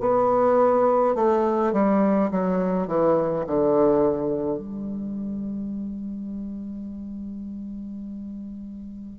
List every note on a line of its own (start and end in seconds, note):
0.00 1.15 B3
1.15 1.73 A3
1.73 2.30 G3
2.31 2.87 F#3
2.87 3.45 E3
3.47 4.58 D3
4.58 9.19 G3